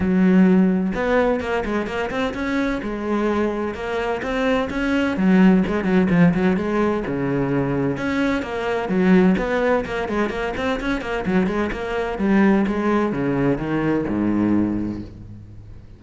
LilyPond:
\new Staff \with { instrumentName = "cello" } { \time 4/4 \tempo 4 = 128 fis2 b4 ais8 gis8 | ais8 c'8 cis'4 gis2 | ais4 c'4 cis'4 fis4 | gis8 fis8 f8 fis8 gis4 cis4~ |
cis4 cis'4 ais4 fis4 | b4 ais8 gis8 ais8 c'8 cis'8 ais8 | fis8 gis8 ais4 g4 gis4 | cis4 dis4 gis,2 | }